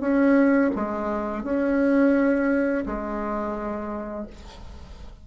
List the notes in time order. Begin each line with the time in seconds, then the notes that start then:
0.00 C#4
0.75 G#3
1.43 C#4
2.86 G#3